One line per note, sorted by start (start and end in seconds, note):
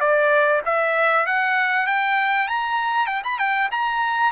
0.00 0.61 D5
0.65 1.26 E5
1.26 1.86 F#5
1.86 2.47 G5
2.47 3.07 A#5
3.07 3.22 G5
3.24 3.38 B5
3.38 3.69 G5
3.71 4.31 A#5